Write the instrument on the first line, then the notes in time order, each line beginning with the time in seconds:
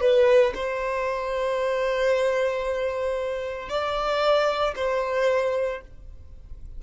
violin
0.00 B4
0.54 C5
3.69 D5
4.75 C5